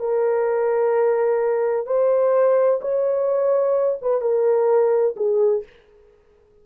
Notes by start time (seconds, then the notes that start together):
0.00 A#4
1.87 C5
2.82 C#5
4.02 B4
4.22 A#4
5.17 G#4